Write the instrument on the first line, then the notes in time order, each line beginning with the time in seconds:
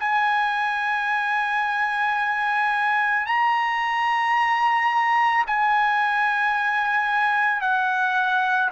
trumpet
0.00 G#5
3.27 A#5
5.47 G#5
7.62 F#5